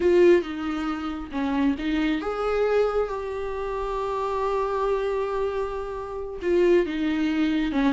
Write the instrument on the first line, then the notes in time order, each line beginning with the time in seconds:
viola
0.00 F4
0.42 D#4
1.31 C#4
1.78 D#4
2.21 G#4
3.09 G4
6.42 F4
6.86 D#4
7.72 C#4